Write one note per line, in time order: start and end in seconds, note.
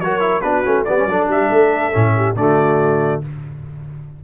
0.00 0.43 F#3
0.00 0.20 F#4
0.00 0.44 A#4
0.00 0.41 C#5
0.20 0.41 E4
0.41 0.65 B3
0.41 0.64 D4
0.41 0.87 F#4
0.41 0.84 B4
0.64 0.87 A3
0.64 0.86 C#4
0.85 1.06 G3
0.85 0.98 B3
0.85 1.09 B4
0.85 1.27 D5
0.98 1.09 C#4
1.06 1.27 F#3
1.06 1.93 D4
1.06 1.30 A4
1.27 1.49 G3
1.27 1.51 G4
1.27 2.36 E5
1.50 1.93 A3
1.50 2.15 A4
1.93 2.36 A2
1.93 2.36 C#4
2.16 2.38 G4
2.36 3.22 D3
2.36 3.22 A3
2.36 3.24 F#4
2.36 3.22 D5